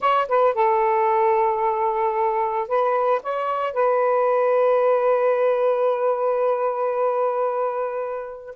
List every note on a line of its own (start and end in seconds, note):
0.00 0.27 C#5
0.28 0.54 B4
0.54 2.68 A4
2.68 3.21 B4
3.23 3.73 C#5
3.73 8.55 B4